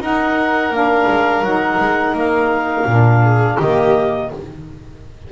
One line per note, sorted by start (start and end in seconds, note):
0.00 0.70 D#4
0.00 0.73 D#4
0.00 3.22 A#4
0.00 0.75 F#5
0.70 1.06 A#3
0.70 1.44 D4
0.70 1.44 F5
1.08 1.42 G#3
1.42 1.78 F#3
1.42 2.87 D#4
1.42 2.15 F#5
1.80 2.14 G#3
2.14 2.85 A#3
2.14 3.59 F5
2.86 3.57 A#2
2.86 3.60 D4
3.22 3.56 G#4
3.56 4.31 D#3
3.56 4.32 A#3
3.56 4.28 G4
3.56 4.31 D#5